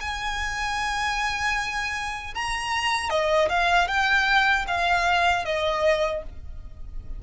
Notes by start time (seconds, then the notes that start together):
0.00 G#5
2.34 A#5
3.10 D#5
3.49 F5
3.87 G5
4.67 F5
5.45 D#5